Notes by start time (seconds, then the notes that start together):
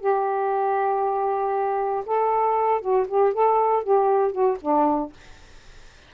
0.00 G4
2.05 A4
2.81 F#4
3.07 G4
3.33 A4
3.83 G4
4.32 F#4
4.61 D4